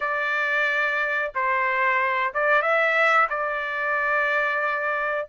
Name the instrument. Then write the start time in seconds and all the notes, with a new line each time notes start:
trumpet
0.00 D5
1.34 C5
2.34 D5
2.61 E5
3.29 D5